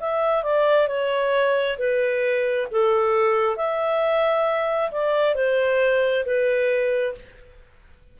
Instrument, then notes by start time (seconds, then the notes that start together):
clarinet
0.00 E5
0.44 D5
0.88 C#5
1.78 B4
2.72 A4
3.57 E5
4.91 D5
5.35 C5
6.25 B4